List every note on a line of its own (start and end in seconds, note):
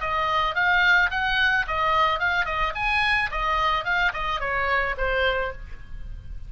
0.00 0.55 D#5
0.55 1.10 F5
1.11 1.66 F#5
1.67 2.19 D#5
2.19 2.45 F5
2.45 2.73 D#5
2.75 3.30 G#5
3.32 3.84 D#5
3.84 4.12 F5
4.13 4.40 D#5
4.40 4.95 C#5
4.97 5.52 C5